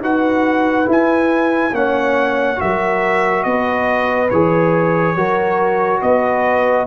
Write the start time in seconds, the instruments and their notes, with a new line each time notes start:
0.00 tuba D#4, trombone F#4, horn B4, trumpet F#5
0.85 trombone E4, tuba E4
0.91 trumpet G#5
1.72 tuba A#3, trombone C#4, horn C#5, trumpet F#5
2.56 tuba F#3, trombone F#4, horn A#4, trumpet E5
3.43 tuba B3, horn B4, trumpet D#5
4.29 tuba E3, trombone G#4, trumpet C#5
5.16 tuba F#3, trombone F#4, horn A#4
6.01 tuba B3, horn B4, trumpet D#5